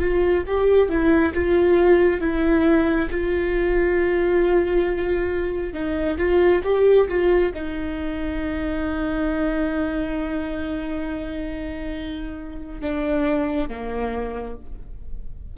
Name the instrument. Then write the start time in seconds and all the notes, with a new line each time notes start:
viola
0.00 F4
0.47 G4
0.89 E4
1.34 F4
2.21 E4
3.11 F4
5.74 D#4
6.18 F4
6.64 G4
7.09 F4
7.54 D#4
12.81 D4
13.69 A#3